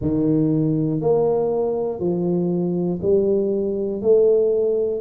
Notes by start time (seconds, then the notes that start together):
0.01 D#3
1.00 A#3
2.00 F3
3.02 G3
4.01 A3